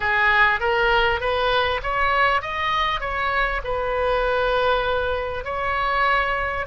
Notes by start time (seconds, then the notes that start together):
0.00 G#4
0.60 A#4
1.20 B4
1.82 C#5
2.41 D#5
3.00 C#5
3.64 B4
5.44 C#5